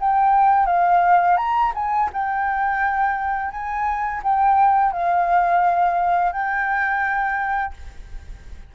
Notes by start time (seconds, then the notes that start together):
0.00 G5
0.67 F5
1.37 A#5
1.75 G#5
2.13 G5
3.51 G#5
4.23 G5
4.93 F5
6.32 G5